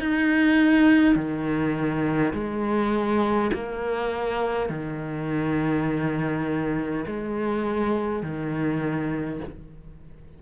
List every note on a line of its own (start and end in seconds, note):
0.00 1.16 D#4
1.16 2.33 D#3
2.33 3.51 G#3
3.53 4.70 A#3
4.70 7.05 D#3
7.07 8.22 G#3
8.22 9.40 D#3